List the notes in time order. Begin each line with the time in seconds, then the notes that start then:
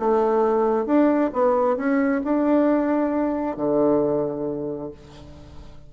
0.00 A3
0.86 D4
1.34 B3
1.77 C#4
2.24 D4
3.57 D3